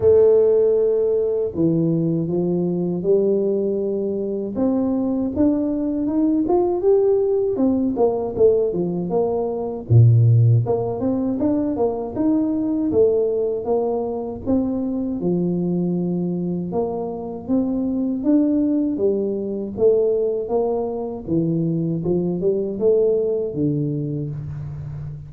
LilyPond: \new Staff \with { instrumentName = "tuba" } { \time 4/4 \tempo 4 = 79 a2 e4 f4 | g2 c'4 d'4 | dis'8 f'8 g'4 c'8 ais8 a8 f8 | ais4 ais,4 ais8 c'8 d'8 ais8 |
dis'4 a4 ais4 c'4 | f2 ais4 c'4 | d'4 g4 a4 ais4 | e4 f8 g8 a4 d4 | }